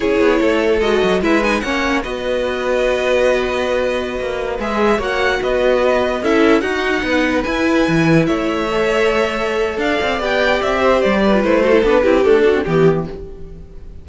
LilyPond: <<
  \new Staff \with { instrumentName = "violin" } { \time 4/4 \tempo 4 = 147 cis''2 dis''4 e''8 gis''8 | fis''4 dis''2.~ | dis''2.~ dis''16 e''8.~ | e''16 fis''4 dis''2 e''8.~ |
e''16 fis''2 gis''4.~ gis''16~ | gis''16 e''2.~ e''8. | f''4 g''4 e''4 d''4 | c''4 b'4 a'4 g'4 | }
  \new Staff \with { instrumentName = "violin" } { \time 4/4 gis'4 a'2 b'4 | cis''4 b'2.~ | b'1~ | b'16 cis''4 b'2 a'8.~ |
a'16 fis'4 b'2~ b'8.~ | b'16 cis''2.~ cis''8. | d''2~ d''8 c''4 b'8~ | b'8 a'4 g'4 fis'8 g'4 | }
  \new Staff \with { instrumentName = "viola" } { \time 4/4 e'2 fis'4 e'8 dis'8 | cis'4 fis'2.~ | fis'2.~ fis'16 gis'8.~ | gis'16 fis'2. e'8.~ |
e'16 dis'2 e'4.~ e'16~ | e'4~ e'16 a'2~ a'8.~ | a'4 g'2~ g'8. f'16 | e'8 fis'16 e'16 d'8 e'8 a8 d'16 c'16 b4 | }
  \new Staff \with { instrumentName = "cello" } { \time 4/4 cis'8 b8 a4 gis8 fis8 gis4 | ais4 b2.~ | b2~ b16 ais4 gis8.~ | gis16 ais4 b2 cis'8.~ |
cis'16 dis'4 b4 e'4 e8.~ | e16 a2.~ a8. | d'8 c'8 b4 c'4 g4 | a4 b8 c'8 d'4 e4 | }
>>